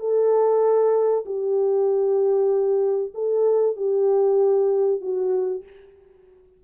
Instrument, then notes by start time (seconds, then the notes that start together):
horn
0.00 A4
1.26 G4
3.14 A4
3.76 G4
5.01 F#4